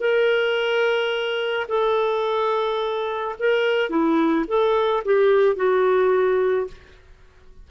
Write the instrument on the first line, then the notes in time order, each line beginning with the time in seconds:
clarinet
0.00 A#4
1.68 A4
3.39 A#4
3.89 E4
4.47 A4
5.05 G4
5.56 F#4